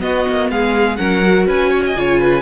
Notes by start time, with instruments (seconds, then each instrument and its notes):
0.00 viola B3, cello B3, violin F#4 D#5
0.28 cello A#3
0.50 cello G#3, violin G#4 F5
0.97 cello F#3, viola C#4, violin A#4 F#5
1.25 viola F#4
1.47 cello C#4, violin B4 G#5
1.71 violin C#5
1.87 violin D#5
1.96 cello C#3, viola F4, violin C#5
2.20 violin B4